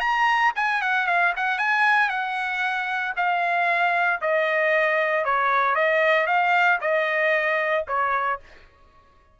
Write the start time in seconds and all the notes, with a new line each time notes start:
0.00 A#5
0.56 G#5
0.82 F#5
1.07 F5
1.36 F#5
1.58 G#5
2.09 F#5
3.16 F5
4.21 D#5
5.25 C#5
5.75 D#5
6.27 F5
6.81 D#5
7.87 C#5